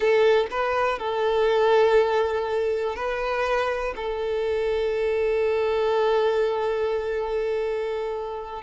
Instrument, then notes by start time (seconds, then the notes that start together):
violin
0.00 A4
0.51 B4
0.99 A4
2.95 B4
3.96 A4